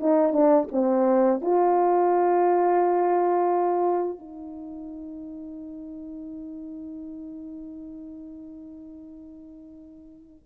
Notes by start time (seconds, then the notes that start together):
0.00 D#4
0.33 D4
0.72 C4
1.41 F4
4.19 D#4